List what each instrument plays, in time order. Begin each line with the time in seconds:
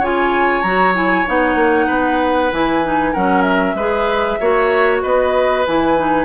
0.00 bassoon C#3, clarinet F4, oboe C#5, flute G#5
0.62 bassoon F#3, clarinet F#4, flute A#5
0.94 clarinet E4, flute G#5
1.27 bassoon B3, clarinet D#4, flute F#5
1.55 bassoon A#3
1.87 bassoon B3, oboe B4
2.52 bassoon E3, clarinet E4, flute G#5
2.84 clarinet D#4
3.12 bassoon F#3, clarinet C#4, oboe A#4, flute F#5
3.42 flute E5
3.74 bassoon G#3, clarinet G#4, oboe B4
4.40 bassoon A#3, clarinet F#4, oboe C#5
5.02 bassoon B3, oboe B4, flute D#5
5.67 bassoon E3, clarinet E4, flute G#5
5.97 clarinet D#4